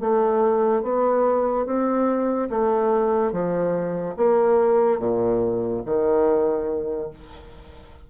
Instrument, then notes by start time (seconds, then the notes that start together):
bassoon
0.00 A3
0.83 B3
1.66 C4
2.50 A3
3.32 F3
4.17 A#3
4.99 A#2
5.85 D#3